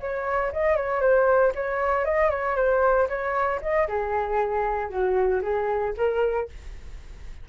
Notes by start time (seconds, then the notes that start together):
0.00 C#5
0.52 D#5
0.76 C#5
1.01 C5
1.55 C#5
2.04 D#5
2.30 C#5
2.56 C5
3.08 C#5
3.61 D#5
3.88 G#4
4.89 F#4
5.42 G#4
5.97 A#4